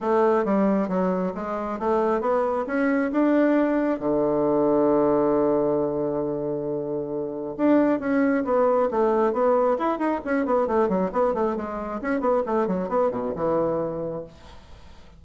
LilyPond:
\new Staff \with { instrumentName = "bassoon" } { \time 4/4 \tempo 4 = 135 a4 g4 fis4 gis4 | a4 b4 cis'4 d'4~ | d'4 d2.~ | d1~ |
d4 d'4 cis'4 b4 | a4 b4 e'8 dis'8 cis'8 b8 | a8 fis8 b8 a8 gis4 cis'8 b8 | a8 fis8 b8 b,8 e2 | }